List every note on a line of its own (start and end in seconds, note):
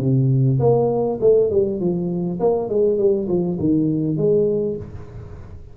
0.00 0.59 C3
0.60 1.19 A#3
1.21 1.51 A3
1.51 1.81 G3
1.81 2.40 F3
2.40 2.69 A#3
2.69 2.99 G#3
2.99 3.28 G3
3.29 3.58 F3
3.60 4.17 D#3
4.17 4.77 G#3